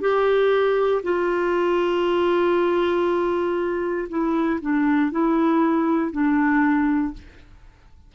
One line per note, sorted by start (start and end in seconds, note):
0.00 1.02 G4
1.03 4.08 F4
4.09 4.59 E4
4.61 5.11 D4
5.11 6.12 E4
6.12 7.13 D4